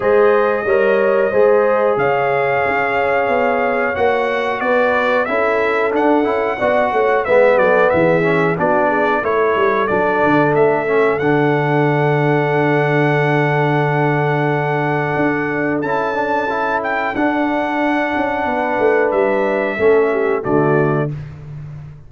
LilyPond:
<<
  \new Staff \with { instrumentName = "trumpet" } { \time 4/4 \tempo 4 = 91 dis''2. f''4~ | f''2 fis''4 d''4 | e''4 fis''2 e''8 d''8 | e''4 d''4 cis''4 d''4 |
e''4 fis''2.~ | fis''1 | a''4. g''8 fis''2~ | fis''4 e''2 d''4 | }
  \new Staff \with { instrumentName = "horn" } { \time 4/4 c''4 cis''4 c''4 cis''4~ | cis''2. b'4 | a'2 d''8 cis''8 b'8 a'8 | gis'4 fis'8 gis'8 a'2~ |
a'1~ | a'1~ | a'1 | b'2 a'8 g'8 fis'4 | }
  \new Staff \with { instrumentName = "trombone" } { \time 4/4 gis'4 ais'4 gis'2~ | gis'2 fis'2 | e'4 d'8 e'8 fis'4 b4~ | b8 cis'8 d'4 e'4 d'4~ |
d'8 cis'8 d'2.~ | d'1 | e'8 d'8 e'4 d'2~ | d'2 cis'4 a4 | }
  \new Staff \with { instrumentName = "tuba" } { \time 4/4 gis4 g4 gis4 cis4 | cis'4 b4 ais4 b4 | cis'4 d'8 cis'8 b8 a8 gis8 fis8 | e4 b4 a8 g8 fis8 d8 |
a4 d2.~ | d2. d'4 | cis'2 d'4. cis'8 | b8 a8 g4 a4 d4 | }
>>